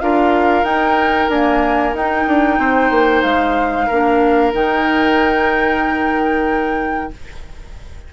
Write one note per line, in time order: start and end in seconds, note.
0.00 0.63 D4
0.00 0.65 F4
0.00 2.60 A#4
0.00 0.64 F5
0.63 1.28 D#4
0.63 1.30 D#4
0.63 1.29 G5
1.28 1.96 A#3
1.28 1.93 D4
1.28 1.95 G#5
1.93 2.26 D#4
1.93 3.89 D#4
1.93 3.23 G5
2.27 2.58 D4
2.58 2.90 C4
2.58 3.87 C5
2.90 3.23 A#3
3.23 3.88 G#3
3.23 4.52 F5
3.87 4.54 A#3
3.87 4.53 D4
3.87 7.10 A#4
4.53 7.12 D#3
4.53 7.11 D#4
4.53 7.13 G5